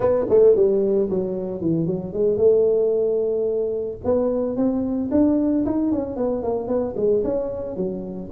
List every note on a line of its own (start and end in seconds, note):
0.00 0.25 B3
0.29 0.55 A3
0.55 1.09 G3
1.10 1.61 F#3
1.61 1.86 E3
1.86 2.13 F#3
2.13 2.37 G#3
2.37 3.98 A3
4.04 4.56 B3
4.56 5.09 C4
5.11 5.64 D4
5.65 5.91 D#4
5.91 6.16 C#4
6.16 6.43 B3
6.43 6.67 A#3
6.67 6.94 B3
6.96 7.23 G#3
7.23 7.76 C#4
7.76 8.30 F#3